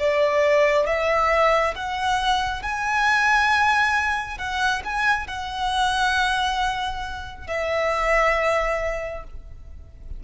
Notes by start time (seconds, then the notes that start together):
0.00 D5
0.87 E5
1.76 F#5
2.63 G#5
4.38 F#5
4.85 G#5
5.27 F#5
7.48 E5